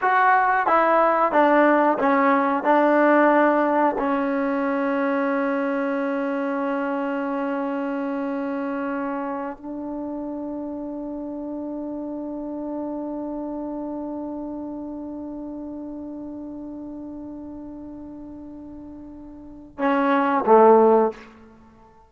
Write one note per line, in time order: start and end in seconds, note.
0.01 0.66 F#4
0.66 1.32 E4
1.32 1.98 D4
1.98 2.63 C#4
2.63 3.95 D4
3.98 9.57 C#4
9.57 19.78 D4
19.78 20.44 C#4
20.45 21.11 A3